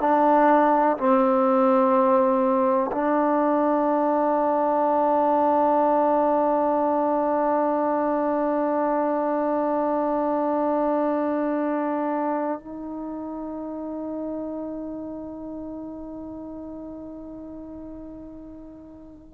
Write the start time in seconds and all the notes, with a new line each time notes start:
0.00 D4
0.97 C4
2.92 D4
12.59 D#4